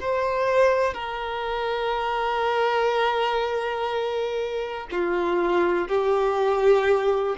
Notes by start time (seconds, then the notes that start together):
0.00 C5
0.94 A#4
4.91 F4
5.88 G4